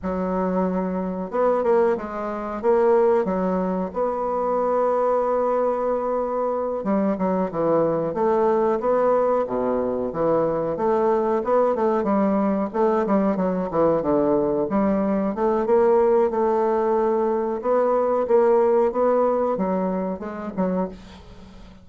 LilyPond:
\new Staff \with { instrumentName = "bassoon" } { \time 4/4 \tempo 4 = 92 fis2 b8 ais8 gis4 | ais4 fis4 b2~ | b2~ b8 g8 fis8 e8~ | e8 a4 b4 b,4 e8~ |
e8 a4 b8 a8 g4 a8 | g8 fis8 e8 d4 g4 a8 | ais4 a2 b4 | ais4 b4 fis4 gis8 fis8 | }